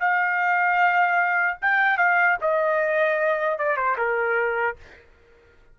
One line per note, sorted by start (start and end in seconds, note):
0.00 1.58 F5
1.61 1.98 G5
1.98 2.37 F5
2.42 3.58 D#5
3.58 3.77 D5
3.77 3.97 C5
3.98 4.77 A#4